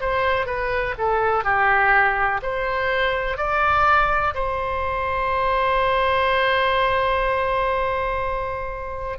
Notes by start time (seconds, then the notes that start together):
0.00 C5
0.46 B4
0.98 A4
1.44 G4
2.42 C5
3.37 D5
4.35 C5